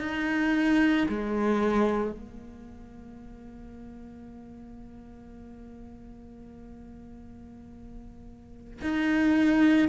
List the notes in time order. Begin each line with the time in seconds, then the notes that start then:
0.00 D#4
1.09 G#3
2.12 A#3
8.81 D#4